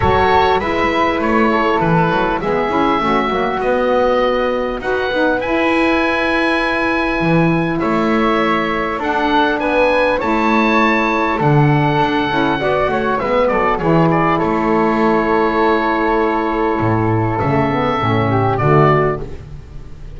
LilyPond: <<
  \new Staff \with { instrumentName = "oboe" } { \time 4/4 \tempo 4 = 100 cis''4 e''4 cis''4 b'4 | e''2 dis''2 | fis''4 gis''2.~ | gis''4 e''2 fis''4 |
gis''4 a''2 fis''4~ | fis''2 e''8 d''8 cis''8 d''8 | cis''1~ | cis''4 e''2 d''4 | }
  \new Staff \with { instrumentName = "flute" } { \time 4/4 a'4 b'4. a'4. | gis'4 fis'2. | b'1~ | b'4 cis''2 a'4 |
b'4 cis''2 a'4~ | a'4 d''8 cis''8 b'8 a'8 gis'4 | a'1~ | a'2~ a'8 g'8 fis'4 | }
  \new Staff \with { instrumentName = "saxophone" } { \time 4/4 fis'4 e'2. | b8 e'8 cis'8 ais8 b2 | fis'8 dis'8 e'2.~ | e'2. d'4~ |
d'4 e'2 d'4~ | d'8 e'8 fis'4 b4 e'4~ | e'1~ | e'4 a8 b8 cis'4 a4 | }
  \new Staff \with { instrumentName = "double bass" } { \time 4/4 fis4 gis4 a4 e8 fis8 | gis8 cis'8 a8 fis8 b2 | dis'8 b8 e'2. | e4 a2 d'4 |
b4 a2 d4 | d'8 cis'8 b8 a8 gis8 fis8 e4 | a1 | a,4 cis4 a,4 d4 | }
>>